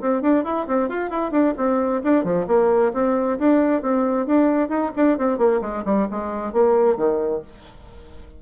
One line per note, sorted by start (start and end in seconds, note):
0.00 0.21 C4
0.21 0.44 D4
0.44 0.66 E4
0.67 0.89 C4
0.89 1.10 F4
1.10 1.31 E4
1.31 1.54 D4
1.57 2.02 C4
2.03 2.24 D4
2.24 2.46 F3
2.47 2.92 A#3
2.93 3.38 C4
3.38 3.82 D4
3.82 4.26 C4
4.26 4.68 D4
4.68 4.91 D#4
4.96 5.18 D4
5.18 5.38 C4
5.38 5.60 A#3
5.61 5.83 G#3
5.85 6.08 G3
6.11 6.52 G#3
6.52 6.96 A#3
6.96 7.41 D#3